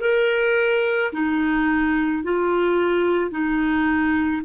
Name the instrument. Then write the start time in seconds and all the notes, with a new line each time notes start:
clarinet
0.00 A#4
1.12 D#4
2.23 F4
3.31 D#4